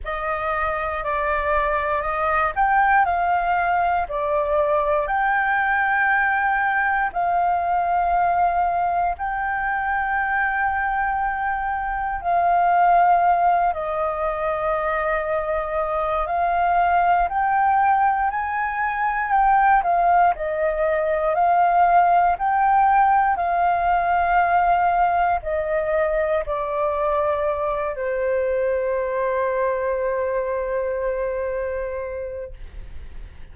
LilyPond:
\new Staff \with { instrumentName = "flute" } { \time 4/4 \tempo 4 = 59 dis''4 d''4 dis''8 g''8 f''4 | d''4 g''2 f''4~ | f''4 g''2. | f''4. dis''2~ dis''8 |
f''4 g''4 gis''4 g''8 f''8 | dis''4 f''4 g''4 f''4~ | f''4 dis''4 d''4. c''8~ | c''1 | }